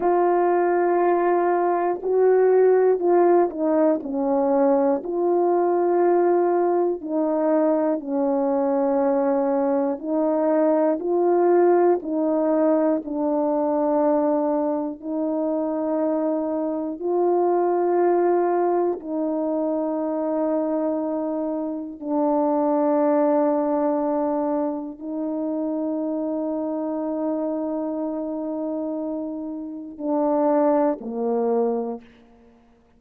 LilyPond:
\new Staff \with { instrumentName = "horn" } { \time 4/4 \tempo 4 = 60 f'2 fis'4 f'8 dis'8 | cis'4 f'2 dis'4 | cis'2 dis'4 f'4 | dis'4 d'2 dis'4~ |
dis'4 f'2 dis'4~ | dis'2 d'2~ | d'4 dis'2.~ | dis'2 d'4 ais4 | }